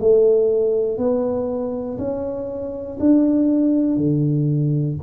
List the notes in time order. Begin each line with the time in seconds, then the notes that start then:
0.00 A3
0.98 B3
1.99 C#4
3.00 D4
3.97 D3